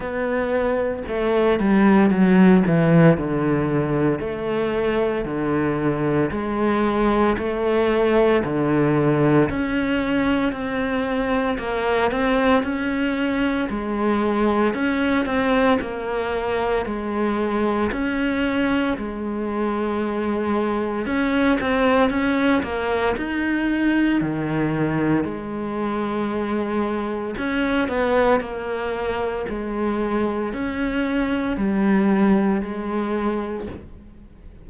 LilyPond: \new Staff \with { instrumentName = "cello" } { \time 4/4 \tempo 4 = 57 b4 a8 g8 fis8 e8 d4 | a4 d4 gis4 a4 | d4 cis'4 c'4 ais8 c'8 | cis'4 gis4 cis'8 c'8 ais4 |
gis4 cis'4 gis2 | cis'8 c'8 cis'8 ais8 dis'4 dis4 | gis2 cis'8 b8 ais4 | gis4 cis'4 g4 gis4 | }